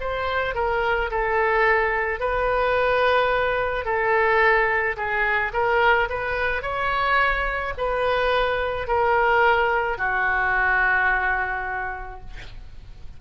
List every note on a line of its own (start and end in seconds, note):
0.00 0.55 C5
0.55 1.10 A#4
1.10 2.20 A4
2.20 3.85 B4
3.85 4.96 A4
4.96 5.52 G#4
5.53 6.08 A#4
6.09 6.62 B4
6.62 7.73 C#5
7.77 8.87 B4
8.87 9.97 A#4
9.97 12.20 F#4